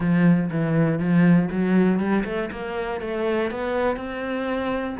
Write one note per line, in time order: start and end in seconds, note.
0.00 0.50 F3
0.50 0.99 E3
0.99 1.49 F3
1.50 1.99 F#3
1.99 2.24 G3
2.25 2.50 A3
2.51 3.00 A#3
3.00 3.50 A3
3.50 3.96 B3
3.96 4.96 C4